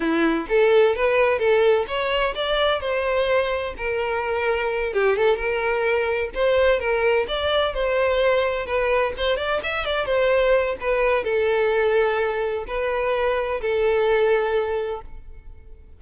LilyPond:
\new Staff \with { instrumentName = "violin" } { \time 4/4 \tempo 4 = 128 e'4 a'4 b'4 a'4 | cis''4 d''4 c''2 | ais'2~ ais'8 g'8 a'8 ais'8~ | ais'4. c''4 ais'4 d''8~ |
d''8 c''2 b'4 c''8 | d''8 e''8 d''8 c''4. b'4 | a'2. b'4~ | b'4 a'2. | }